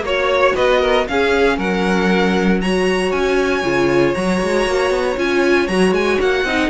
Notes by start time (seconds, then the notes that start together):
0.00 A#3 F#4 C#5
0.55 B3 B4 D#5
0.80 A#4
1.07 C#4 G#4 F5
1.57 F#3 A#4 F#5
2.61 F#4 C#5 A#5
3.11 C#4 G#5
3.63 C#3 F4
4.14 F#3 F#4 A#5
4.42 G#3
4.66 A#3
4.90 B3
5.17 C#4 F4 G#5
5.67 F#3 F#4 A#5
5.92 G#3 G#5
6.21 A#3 F#5
6.44 C4 D#4 D#5